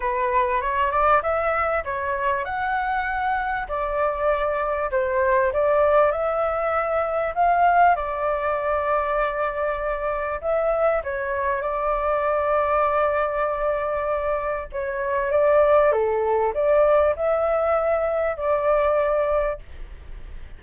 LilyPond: \new Staff \with { instrumentName = "flute" } { \time 4/4 \tempo 4 = 98 b'4 cis''8 d''8 e''4 cis''4 | fis''2 d''2 | c''4 d''4 e''2 | f''4 d''2.~ |
d''4 e''4 cis''4 d''4~ | d''1 | cis''4 d''4 a'4 d''4 | e''2 d''2 | }